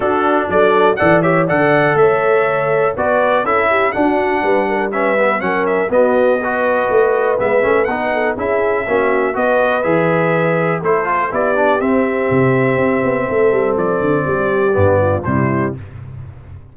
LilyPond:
<<
  \new Staff \with { instrumentName = "trumpet" } { \time 4/4 \tempo 4 = 122 a'4 d''4 fis''8 e''8 fis''4 | e''2 d''4 e''4 | fis''2 e''4 fis''8 e''8 | dis''2. e''4 |
fis''4 e''2 dis''4 | e''2 c''4 d''4 | e''1 | d''2. c''4 | }
  \new Staff \with { instrumentName = "horn" } { \time 4/4 fis'4 a'4 d''8 cis''8 d''4 | cis''2 b'4 a'8 g'8 | fis'4 b'8 ais'8 b'4 ais'4 | fis'4 b'2.~ |
b'8 a'8 gis'4 fis'4 b'4~ | b'2 a'4 g'4~ | g'2. a'4~ | a'4 g'4. f'8 e'4 | }
  \new Staff \with { instrumentName = "trombone" } { \time 4/4 d'2 a'8 g'8 a'4~ | a'2 fis'4 e'4 | d'2 cis'8 b8 cis'4 | b4 fis'2 b8 cis'8 |
dis'4 e'4 cis'4 fis'4 | gis'2 e'8 f'8 e'8 d'8 | c'1~ | c'2 b4 g4 | }
  \new Staff \with { instrumentName = "tuba" } { \time 4/4 d'4 fis4 e4 d4 | a2 b4 cis'4 | d'4 g2 fis4 | b2 a4 gis8 a8 |
b4 cis'4 ais4 b4 | e2 a4 b4 | c'4 c4 c'8 b8 a8 g8 | f8 d8 g4 g,4 c4 | }
>>